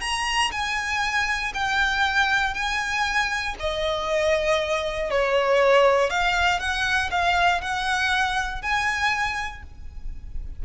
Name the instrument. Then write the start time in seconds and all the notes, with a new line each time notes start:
violin
0.00 A#5
0.51 G#5
1.54 G5
2.54 G#5
3.59 D#5
5.10 C#5
6.10 F5
6.60 F#5
7.11 F5
7.61 F#5
8.62 G#5